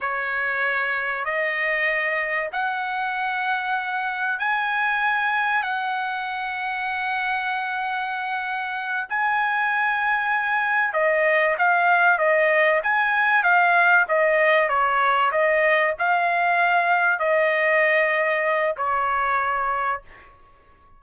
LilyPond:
\new Staff \with { instrumentName = "trumpet" } { \time 4/4 \tempo 4 = 96 cis''2 dis''2 | fis''2. gis''4~ | gis''4 fis''2.~ | fis''2~ fis''8 gis''4.~ |
gis''4. dis''4 f''4 dis''8~ | dis''8 gis''4 f''4 dis''4 cis''8~ | cis''8 dis''4 f''2 dis''8~ | dis''2 cis''2 | }